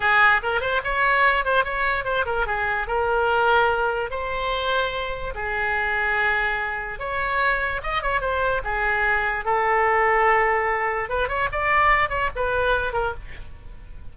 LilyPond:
\new Staff \with { instrumentName = "oboe" } { \time 4/4 \tempo 4 = 146 gis'4 ais'8 c''8 cis''4. c''8 | cis''4 c''8 ais'8 gis'4 ais'4~ | ais'2 c''2~ | c''4 gis'2.~ |
gis'4 cis''2 dis''8 cis''8 | c''4 gis'2 a'4~ | a'2. b'8 cis''8 | d''4. cis''8 b'4. ais'8 | }